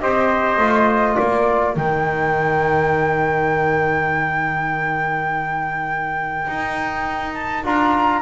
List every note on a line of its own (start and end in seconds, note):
0.00 0.57 C4
0.00 0.59 G4
0.00 1.14 C5
0.00 1.16 D#5
0.57 1.16 A3
0.57 1.75 F4
1.14 1.76 A#3
1.14 8.20 A#4
1.14 1.74 D5
1.75 6.46 D#3
1.75 7.63 D#4
1.75 7.34 G5
6.47 7.63 D#4
7.34 7.63 A5
7.63 8.21 D4
7.63 8.21 F4
7.63 8.21 A#5